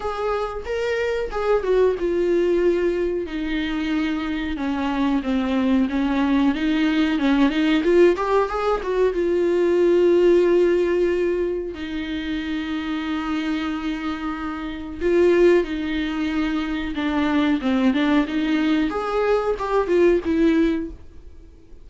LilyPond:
\new Staff \with { instrumentName = "viola" } { \time 4/4 \tempo 4 = 92 gis'4 ais'4 gis'8 fis'8 f'4~ | f'4 dis'2 cis'4 | c'4 cis'4 dis'4 cis'8 dis'8 | f'8 g'8 gis'8 fis'8 f'2~ |
f'2 dis'2~ | dis'2. f'4 | dis'2 d'4 c'8 d'8 | dis'4 gis'4 g'8 f'8 e'4 | }